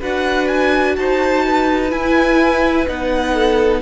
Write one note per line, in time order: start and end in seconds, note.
0.00 0.98 D4
0.00 1.90 F#4
0.00 0.95 B4
0.00 0.48 F#5
0.48 0.96 G#5
0.96 1.92 D#4
0.96 1.46 C5
0.96 1.92 A5
1.46 3.34 B4
1.90 2.86 E4
1.90 2.88 E4
1.90 2.87 G#5
2.88 3.83 B3
2.88 3.83 D#4
2.88 3.83 F#5
3.34 3.82 A4